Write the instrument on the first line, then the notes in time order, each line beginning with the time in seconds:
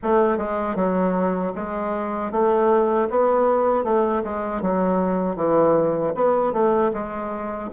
bassoon
0.02 A3
0.37 G#3
0.75 F#3
1.55 G#3
2.31 A3
3.10 B3
3.84 A3
4.23 G#3
4.61 F#3
5.36 E3
6.14 B3
6.52 A3
6.93 G#3